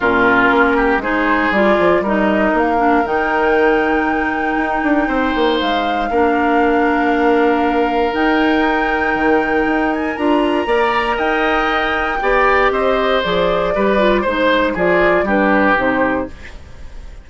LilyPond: <<
  \new Staff \with { instrumentName = "flute" } { \time 4/4 \tempo 4 = 118 ais'2 c''4 d''4 | dis''4 f''4 g''2~ | g''2. f''4~ | f''1 |
g''2.~ g''8 gis''8 | ais''2 g''2~ | g''4 dis''4 d''2 | c''4 d''4 b'4 c''4 | }
  \new Staff \with { instrumentName = "oboe" } { \time 4/4 f'4. g'8 gis'2 | ais'1~ | ais'2 c''2 | ais'1~ |
ais'1~ | ais'4 d''4 dis''2 | d''4 c''2 b'4 | c''4 gis'4 g'2 | }
  \new Staff \with { instrumentName = "clarinet" } { \time 4/4 cis'2 dis'4 f'4 | dis'4. d'8 dis'2~ | dis'1 | d'1 |
dis'1 | f'4 ais'2. | g'2 gis'4 g'8 f'8 | dis'4 f'4 d'4 dis'4 | }
  \new Staff \with { instrumentName = "bassoon" } { \time 4/4 ais,4 ais4 gis4 g8 f8 | g4 ais4 dis2~ | dis4 dis'8 d'8 c'8 ais8 gis4 | ais1 |
dis'2 dis4 dis'4 | d'4 ais4 dis'2 | b4 c'4 f4 g4 | gis4 f4 g4 c4 | }
>>